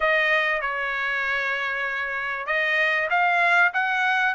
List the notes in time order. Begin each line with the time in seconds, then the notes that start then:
0.00 D#5
0.61 C#5
2.46 D#5
3.10 F5
3.73 F#5